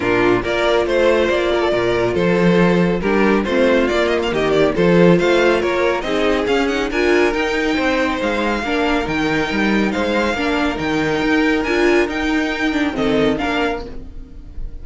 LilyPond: <<
  \new Staff \with { instrumentName = "violin" } { \time 4/4 \tempo 4 = 139 ais'4 d''4 c''4 d''4~ | d''4 c''2 ais'4 | c''4 d''8 dis''16 f''16 dis''8 d''8 c''4 | f''4 cis''4 dis''4 f''8 fis''8 |
gis''4 g''2 f''4~ | f''4 g''2 f''4~ | f''4 g''2 gis''4 | g''2 dis''4 f''4 | }
  \new Staff \with { instrumentName = "violin" } { \time 4/4 f'4 ais'4 c''4. ais'16 a'16 | ais'4 a'2 g'4 | f'2 g'4 a'4 | c''4 ais'4 gis'2 |
ais'2 c''2 | ais'2. c''4 | ais'1~ | ais'2 a'4 ais'4 | }
  \new Staff \with { instrumentName = "viola" } { \time 4/4 d'4 f'2.~ | f'2. d'4 | c'4 ais2 f'4~ | f'2 dis'4 cis'8 dis'8 |
f'4 dis'2. | d'4 dis'2. | d'4 dis'2 f'4 | dis'4. d'8 c'4 d'4 | }
  \new Staff \with { instrumentName = "cello" } { \time 4/4 ais,4 ais4 a4 ais4 | ais,4 f2 g4 | a4 ais4 dis4 f4 | a4 ais4 c'4 cis'4 |
d'4 dis'4 c'4 gis4 | ais4 dis4 g4 gis4 | ais4 dis4 dis'4 d'4 | dis'2 dis4 ais4 | }
>>